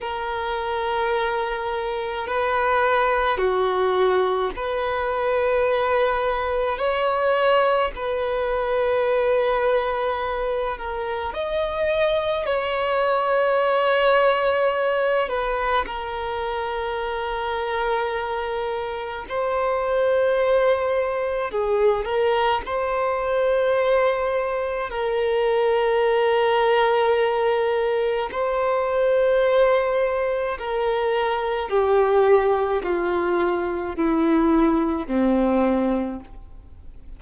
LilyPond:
\new Staff \with { instrumentName = "violin" } { \time 4/4 \tempo 4 = 53 ais'2 b'4 fis'4 | b'2 cis''4 b'4~ | b'4. ais'8 dis''4 cis''4~ | cis''4. b'8 ais'2~ |
ais'4 c''2 gis'8 ais'8 | c''2 ais'2~ | ais'4 c''2 ais'4 | g'4 f'4 e'4 c'4 | }